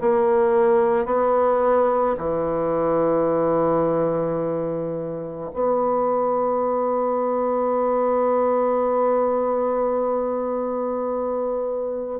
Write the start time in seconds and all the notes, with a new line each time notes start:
0.00 A#3
1.05 B3
2.17 E3
5.53 B3